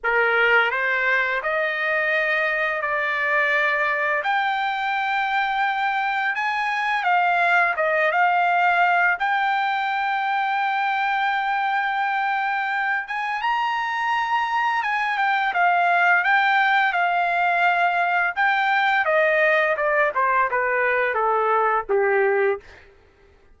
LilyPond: \new Staff \with { instrumentName = "trumpet" } { \time 4/4 \tempo 4 = 85 ais'4 c''4 dis''2 | d''2 g''2~ | g''4 gis''4 f''4 dis''8 f''8~ | f''4 g''2.~ |
g''2~ g''8 gis''8 ais''4~ | ais''4 gis''8 g''8 f''4 g''4 | f''2 g''4 dis''4 | d''8 c''8 b'4 a'4 g'4 | }